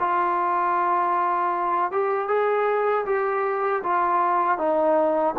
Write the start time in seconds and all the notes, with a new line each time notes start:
0.00 F4
1.92 G4
2.28 G#4
3.06 G4
3.84 F4
4.58 D#4